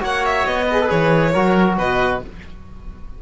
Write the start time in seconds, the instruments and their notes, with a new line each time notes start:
0.00 cello A#3, trombone F#4, oboe C#5, violin F#5
0.26 violin E5
0.46 cello B3, violin D#5
0.66 trombone G#4, oboe B4
0.81 trombone A4
0.88 cello E3, trombone G#4, violin C#5
1.33 cello F#3, trombone F#4, oboe A#4
1.77 cello B2, oboe B4, violin D#5